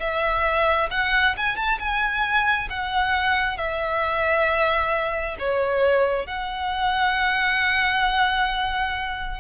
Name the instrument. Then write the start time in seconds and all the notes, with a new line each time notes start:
violin
0.00 E5
0.91 F#5
1.37 G#5
1.56 A5
1.79 G#5
2.70 F#5
3.58 E5
5.39 C#5
6.27 F#5